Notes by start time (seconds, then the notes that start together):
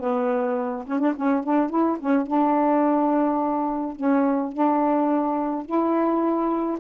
0.00 B3
0.87 C#4
0.99 D4
1.16 C#4
1.44 D4
1.70 E4
2.00 C#4
2.27 D4
3.96 C#4
4.53 D4
5.66 E4